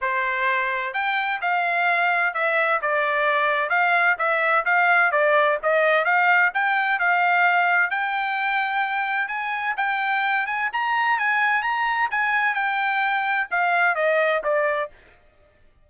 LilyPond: \new Staff \with { instrumentName = "trumpet" } { \time 4/4 \tempo 4 = 129 c''2 g''4 f''4~ | f''4 e''4 d''2 | f''4 e''4 f''4 d''4 | dis''4 f''4 g''4 f''4~ |
f''4 g''2. | gis''4 g''4. gis''8 ais''4 | gis''4 ais''4 gis''4 g''4~ | g''4 f''4 dis''4 d''4 | }